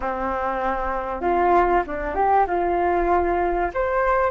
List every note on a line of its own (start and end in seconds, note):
0.00 1.21 C4
1.21 1.82 F4
1.86 2.15 D4
2.15 2.45 G4
2.47 3.70 F4
3.73 4.30 C5